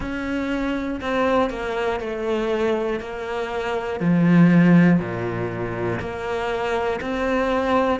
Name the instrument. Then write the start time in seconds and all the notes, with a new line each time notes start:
cello
0.00 C#4
1.00 C4
1.50 A#3
2.00 A3
3.00 A#3
4.00 F3
5.00 A#2
6.00 A#3
7.00 C4